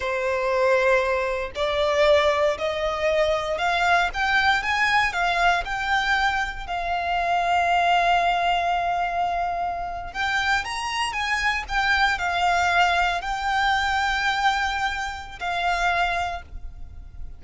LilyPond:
\new Staff \with { instrumentName = "violin" } { \time 4/4 \tempo 4 = 117 c''2. d''4~ | d''4 dis''2 f''4 | g''4 gis''4 f''4 g''4~ | g''4 f''2.~ |
f''2.~ f''8. g''16~ | g''8. ais''4 gis''4 g''4 f''16~ | f''4.~ f''16 g''2~ g''16~ | g''2 f''2 | }